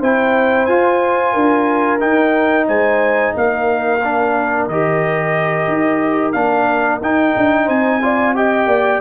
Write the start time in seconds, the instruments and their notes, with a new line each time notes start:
0.00 tuba C4, trombone E4, horn C5, trumpet G5
0.66 tuba F4, trombone F4, trumpet G#5
1.33 tuba D4, horn A#4
2.00 trombone D#4, tuba D#4, trumpet G5
2.68 tuba G#3, horn C5, trumpet G#5
3.35 tuba A#3, horn A#4, trumpet F5
4.04 trombone D4
4.68 tuba D#3, trombone G4, trumpet D#5
5.68 tuba D#4
6.32 tuba A#3, trombone D4, trumpet F5
7.01 tuba D#4, trombone D#4, trumpet G5
7.37 tuba D4
7.65 tuba C4, horn C5, trumpet G#5
8.02 trombone F4, horn D5
8.35 trombone G4, horn D#5, trumpet G5
8.67 tuba A#3, horn D5